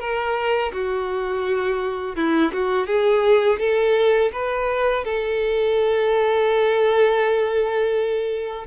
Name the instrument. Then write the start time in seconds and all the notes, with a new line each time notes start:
violin
0.00 A#4
0.73 F#4
2.17 E4
2.53 F#4
2.88 G#4
3.60 A4
4.33 B4
5.05 A4